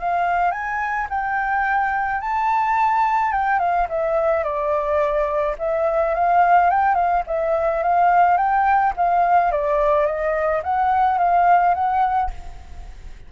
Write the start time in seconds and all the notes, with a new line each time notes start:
0.00 F5
0.51 G#5
1.10 G5
2.21 A5
3.32 G5
3.59 F5
3.89 E5
4.44 D5
5.59 E5
6.15 F5
6.70 G5
6.95 F5
7.27 E5
7.83 F5
8.38 G5
8.97 F5
9.52 D5
10.06 D#5
10.63 F#5
11.18 F5
11.75 F#5